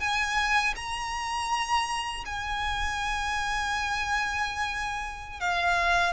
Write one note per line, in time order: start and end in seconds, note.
0.00 0.74 G#5
0.76 2.24 A#5
2.25 5.40 G#5
5.40 6.13 F5